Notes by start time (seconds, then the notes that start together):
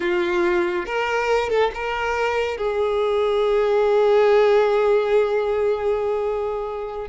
0.00 F4
0.86 A#4
1.49 A4
1.74 A#4
2.57 G#4